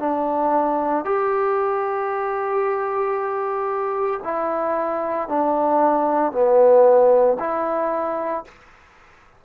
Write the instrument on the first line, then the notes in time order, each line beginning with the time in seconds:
trombone
0.00 D4
1.05 G4
4.24 E4
5.29 D4
6.33 B3
7.39 E4